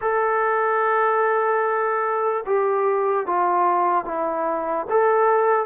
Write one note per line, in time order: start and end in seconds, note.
0.01 2.44 A4
2.45 3.26 G4
3.26 4.04 F4
4.04 4.85 E4
4.90 5.65 A4